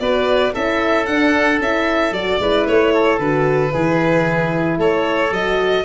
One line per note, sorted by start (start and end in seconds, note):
0.00 0.53 B3
0.00 0.53 F#4
0.00 0.53 B4
0.00 0.53 D5
0.53 1.08 C#4
0.53 1.07 E4
0.53 2.39 A4
0.53 1.06 E5
1.06 1.61 D4
1.06 1.60 D4
1.06 1.59 F#5
1.60 2.11 C#4
1.60 2.15 E4
1.60 2.14 E5
2.11 2.38 F#3
2.11 2.40 F#4
2.11 2.67 D5
2.39 2.66 G#3
2.39 3.20 E4
2.39 2.94 B4
2.68 3.18 A3
2.68 3.19 C#5
2.94 3.73 A4
3.18 3.72 D3
3.18 3.71 F#4
3.18 4.78 B4
3.71 4.78 E3
3.71 5.30 E4
3.71 4.79 G#4
4.78 5.31 A3
4.78 5.85 A4
4.78 5.34 C#5
5.31 5.84 F#3
5.31 5.85 F#4
5.31 5.85 D#5